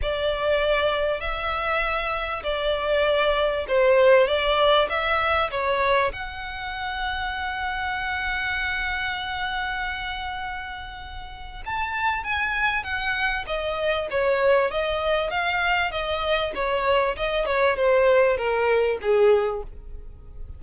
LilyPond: \new Staff \with { instrumentName = "violin" } { \time 4/4 \tempo 4 = 98 d''2 e''2 | d''2 c''4 d''4 | e''4 cis''4 fis''2~ | fis''1~ |
fis''2. a''4 | gis''4 fis''4 dis''4 cis''4 | dis''4 f''4 dis''4 cis''4 | dis''8 cis''8 c''4 ais'4 gis'4 | }